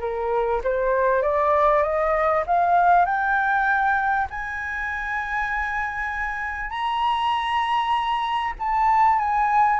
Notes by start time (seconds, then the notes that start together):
0.00 A#4
0.63 C5
1.22 D5
1.82 D#5
2.47 F5
3.05 G5
4.30 G#5
6.70 A#5
8.59 A5
9.19 G#5